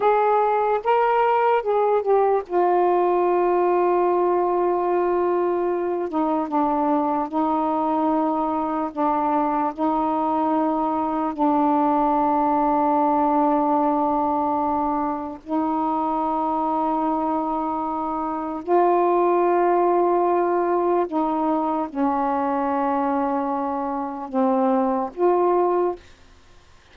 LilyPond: \new Staff \with { instrumentName = "saxophone" } { \time 4/4 \tempo 4 = 74 gis'4 ais'4 gis'8 g'8 f'4~ | f'2.~ f'8 dis'8 | d'4 dis'2 d'4 | dis'2 d'2~ |
d'2. dis'4~ | dis'2. f'4~ | f'2 dis'4 cis'4~ | cis'2 c'4 f'4 | }